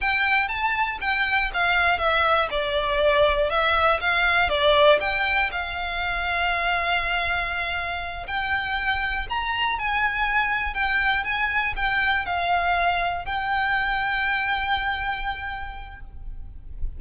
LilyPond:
\new Staff \with { instrumentName = "violin" } { \time 4/4 \tempo 4 = 120 g''4 a''4 g''4 f''4 | e''4 d''2 e''4 | f''4 d''4 g''4 f''4~ | f''1~ |
f''8 g''2 ais''4 gis''8~ | gis''4. g''4 gis''4 g''8~ | g''8 f''2 g''4.~ | g''1 | }